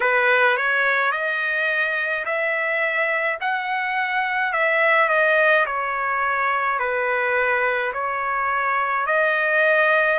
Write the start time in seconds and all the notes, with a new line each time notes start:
0.00 B4
0.57 C#5
1.11 D#5
2.25 E5
3.41 F#5
4.52 E5
5.08 D#5
5.66 C#5
6.79 B4
7.92 C#5
9.06 D#5